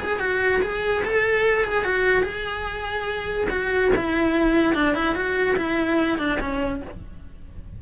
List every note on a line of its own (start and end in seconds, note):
0.00 0.20 G#4
0.20 0.61 F#4
0.62 1.04 G#4
1.05 1.65 A4
1.65 1.85 G#4
1.85 2.24 F#4
2.24 3.48 G#4
3.50 3.92 F#4
3.96 4.75 E4
4.75 4.95 D4
4.95 5.15 E4
5.15 5.57 F#4
5.57 6.19 E4
6.19 6.39 D4
6.41 6.82 C#4